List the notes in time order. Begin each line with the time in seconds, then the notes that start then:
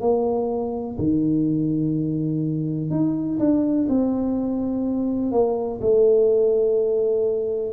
0.00 A#3
0.98 D#3
2.90 D#4
3.39 D4
3.88 C4
5.31 A#3
5.81 A3